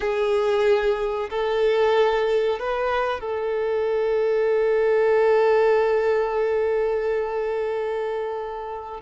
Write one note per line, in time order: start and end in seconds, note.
0.00 1.29 G#4
1.30 2.59 A4
2.59 3.20 B4
3.20 9.01 A4